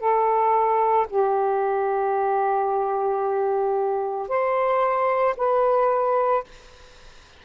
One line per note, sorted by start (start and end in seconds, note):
0.00 1.07 A4
1.10 4.29 G4
4.29 5.36 C5
5.37 6.44 B4